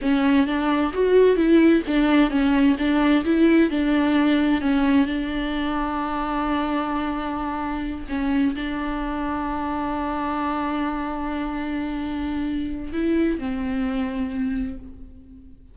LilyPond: \new Staff \with { instrumentName = "viola" } { \time 4/4 \tempo 4 = 130 cis'4 d'4 fis'4 e'4 | d'4 cis'4 d'4 e'4 | d'2 cis'4 d'4~ | d'1~ |
d'4. cis'4 d'4.~ | d'1~ | d'1 | e'4 c'2. | }